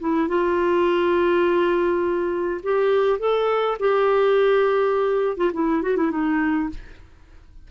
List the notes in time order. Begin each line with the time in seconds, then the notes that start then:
0.00 E4
0.29 F4
2.64 G4
3.19 A4
3.80 G4
5.37 F4
5.54 E4
5.83 F#4
5.97 E4
6.11 D#4